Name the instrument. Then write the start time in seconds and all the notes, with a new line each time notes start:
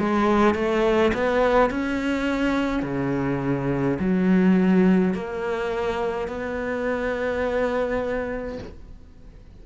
cello
0.00 G#3
0.55 A3
1.14 B3
1.70 C#4
2.83 C#3
4.00 F#3
5.15 A#3
6.28 B3